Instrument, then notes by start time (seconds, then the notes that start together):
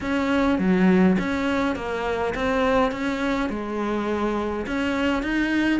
cello
0.01 C#4
0.59 F#3
1.18 C#4
1.75 A#3
2.35 C4
2.91 C#4
3.49 G#3
4.66 C#4
5.22 D#4